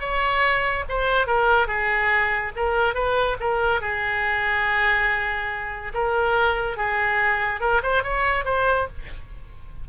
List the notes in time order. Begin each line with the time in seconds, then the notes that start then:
0.00 C#5
0.89 C5
1.27 A#4
1.67 G#4
2.56 A#4
2.94 B4
3.40 A#4
3.81 G#4
5.94 A#4
6.77 G#4
7.61 A#4
7.83 C5
8.03 C#5
8.45 C5